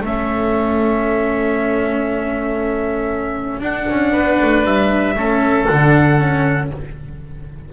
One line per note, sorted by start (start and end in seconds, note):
0.00 3.59 A3
0.00 3.61 C#4
0.00 4.12 A4
0.00 3.63 E5
3.60 3.85 D4
3.60 5.15 D4
3.60 4.65 F#5
3.89 4.15 C#4
4.12 4.40 B3
4.12 5.14 B4
4.42 4.64 A3
4.64 5.16 G3
4.64 5.66 E5
5.16 5.67 A3
5.16 5.69 C#4
5.16 6.70 A4
5.66 6.73 D3
5.66 6.19 D4
5.66 6.68 F#5
6.19 6.70 C#4